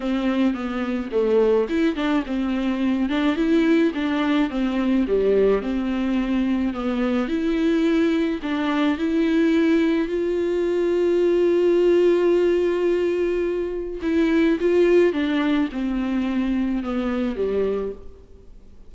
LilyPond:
\new Staff \with { instrumentName = "viola" } { \time 4/4 \tempo 4 = 107 c'4 b4 a4 e'8 d'8 | c'4. d'8 e'4 d'4 | c'4 g4 c'2 | b4 e'2 d'4 |
e'2 f'2~ | f'1~ | f'4 e'4 f'4 d'4 | c'2 b4 g4 | }